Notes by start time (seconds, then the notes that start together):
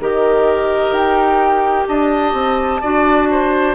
0.00 D#3 G4 A#4 D#5
0.92 D#4 G5
1.88 D4 D#5 A5
2.33 C4
2.81 D4 F#4 D5
3.31 C5